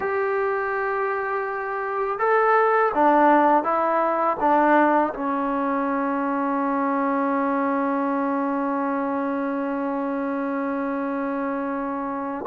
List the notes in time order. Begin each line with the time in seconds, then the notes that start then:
0.00 G4
2.19 A4
2.94 D4
3.63 E4
4.40 D4
5.13 C#4